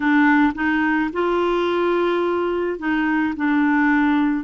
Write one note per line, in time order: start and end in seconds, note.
0.00 0.53 D4
0.55 1.10 D#4
1.13 2.78 F4
2.78 3.34 D#4
3.36 4.44 D4